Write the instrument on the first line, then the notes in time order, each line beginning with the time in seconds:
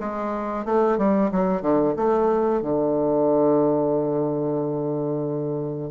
bassoon
0.00 G#3
0.65 A3
0.98 G3
1.32 F#3
1.62 D3
1.97 A3
2.62 D3